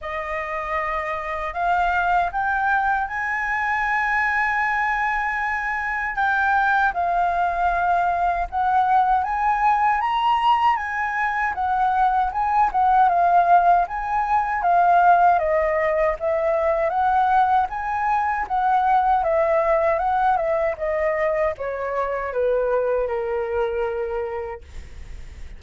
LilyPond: \new Staff \with { instrumentName = "flute" } { \time 4/4 \tempo 4 = 78 dis''2 f''4 g''4 | gis''1 | g''4 f''2 fis''4 | gis''4 ais''4 gis''4 fis''4 |
gis''8 fis''8 f''4 gis''4 f''4 | dis''4 e''4 fis''4 gis''4 | fis''4 e''4 fis''8 e''8 dis''4 | cis''4 b'4 ais'2 | }